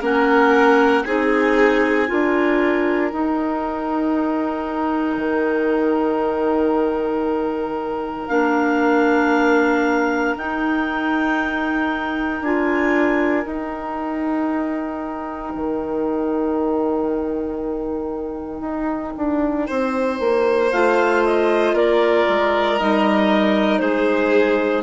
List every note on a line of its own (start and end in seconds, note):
0.00 1.04 A#3
0.00 1.04 C#4
0.00 1.03 A#4
0.00 1.04 F#5
1.04 2.09 C4
1.04 2.07 D#4
1.04 2.09 G#4
1.04 3.11 G#5
2.07 3.12 D4
2.07 3.10 F4
2.07 19.67 A#4
3.11 5.17 D#4
3.11 8.29 D#4
3.11 8.28 G5
5.17 8.27 D#3
8.28 10.36 A#3
8.28 10.36 D4
8.28 10.34 F5
10.36 12.41 D#4
10.36 12.44 D#4
10.36 12.43 G5
12.41 13.44 D4
12.41 13.44 F4
12.41 13.47 G#5
13.44 20.68 D#4
13.44 15.52 D#4
13.44 20.71 G5
15.55 18.60 D#3
18.60 19.12 D#4
19.17 19.69 D4
19.67 20.20 C4
19.67 21.74 C5
20.20 20.71 A#3
20.71 21.73 A3
20.71 22.78 F4
20.71 21.23 F5
21.24 21.75 D#5
21.73 22.25 A#3
21.73 23.81 A#4
21.73 22.79 D5
22.28 22.80 G#3
22.78 23.80 G3
22.78 24.83 D#4
22.78 23.79 D#5
23.79 24.83 G#3
23.79 24.83 G#4
23.79 24.82 C5